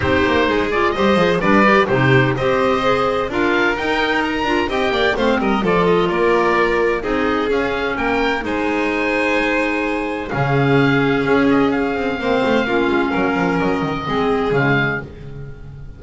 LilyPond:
<<
  \new Staff \with { instrumentName = "oboe" } { \time 4/4 \tempo 4 = 128 c''4. d''8 dis''4 d''4 | c''4 dis''2 f''4 | g''4 ais''4 g''4 f''8 dis''8 | d''8 dis''8 d''2 dis''4 |
f''4 g''4 gis''2~ | gis''2 f''2~ | f''8 dis''8 f''2.~ | f''4 dis''2 f''4 | }
  \new Staff \with { instrumentName = "violin" } { \time 4/4 g'4 gis'4 c''4 b'4 | g'4 c''2 ais'4~ | ais'2 dis''8 d''8 c''8 ais'8 | a'4 ais'2 gis'4~ |
gis'4 ais'4 c''2~ | c''2 gis'2~ | gis'2 c''4 f'4 | ais'2 gis'2 | }
  \new Staff \with { instrumentName = "clarinet" } { \time 4/4 dis'4. f'8 g'8 gis'8 d'8 g'8 | dis'4 g'4 gis'4 f'4 | dis'4. f'8 g'4 c'4 | f'2. dis'4 |
cis'2 dis'2~ | dis'2 cis'2~ | cis'2 c'4 cis'4~ | cis'2 c'4 gis4 | }
  \new Staff \with { instrumentName = "double bass" } { \time 4/4 c'8 ais8 gis4 g8 f8 g4 | c4 c'2 d'4 | dis'4. d'8 c'8 ais8 a8 g8 | f4 ais2 c'4 |
cis'4 ais4 gis2~ | gis2 cis2 | cis'4. c'8 ais8 a8 ais8 gis8 | fis8 f8 fis8 dis8 gis4 cis4 | }
>>